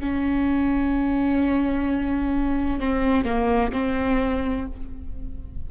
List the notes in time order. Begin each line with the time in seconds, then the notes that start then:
0.00 C#4
2.80 C4
3.25 A#3
3.73 C4